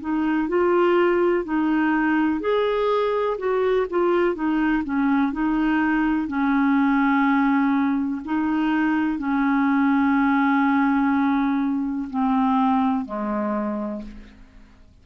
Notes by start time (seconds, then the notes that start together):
0.00 D#4
0.48 F4
1.44 D#4
2.40 G#4
3.37 F#4
3.89 F4
4.35 D#4
4.83 C#4
5.32 D#4
6.27 C#4
8.24 D#4
9.18 C#4
12.09 C4
13.05 G#3